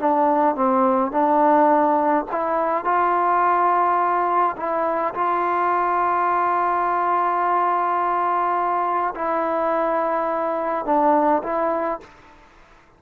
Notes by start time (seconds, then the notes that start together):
0.00 D4
0.56 C4
1.12 D4
2.32 E4
2.85 F4
4.57 E4
5.15 F4
9.16 E4
10.86 D4
11.44 E4